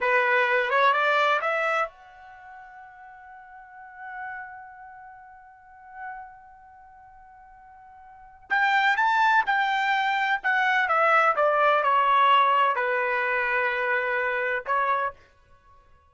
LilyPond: \new Staff \with { instrumentName = "trumpet" } { \time 4/4 \tempo 4 = 127 b'4. cis''8 d''4 e''4 | fis''1~ | fis''1~ | fis''1~ |
fis''2 g''4 a''4 | g''2 fis''4 e''4 | d''4 cis''2 b'4~ | b'2. cis''4 | }